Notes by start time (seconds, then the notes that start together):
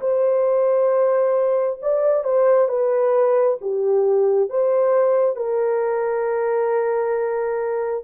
0.00 C5
1.82 D5
2.23 C5
2.68 B4
3.61 G4
4.49 C5
5.36 A#4